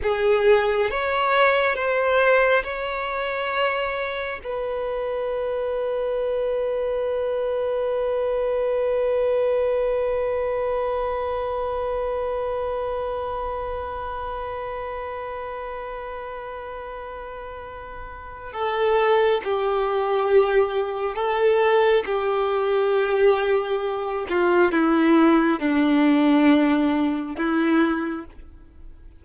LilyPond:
\new Staff \with { instrumentName = "violin" } { \time 4/4 \tempo 4 = 68 gis'4 cis''4 c''4 cis''4~ | cis''4 b'2.~ | b'1~ | b'1~ |
b'1~ | b'4 a'4 g'2 | a'4 g'2~ g'8 f'8 | e'4 d'2 e'4 | }